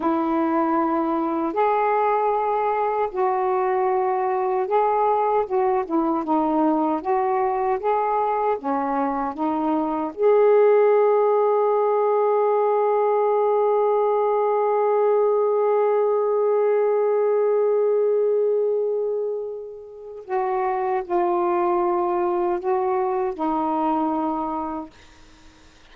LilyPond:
\new Staff \with { instrumentName = "saxophone" } { \time 4/4 \tempo 4 = 77 e'2 gis'2 | fis'2 gis'4 fis'8 e'8 | dis'4 fis'4 gis'4 cis'4 | dis'4 gis'2.~ |
gis'1~ | gis'1~ | gis'2 fis'4 f'4~ | f'4 fis'4 dis'2 | }